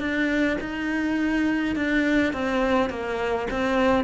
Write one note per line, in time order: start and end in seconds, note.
0.00 0.58 D4
0.61 1.76 D#4
1.76 2.33 D4
2.33 2.90 C4
2.90 3.48 A#3
3.51 4.04 C4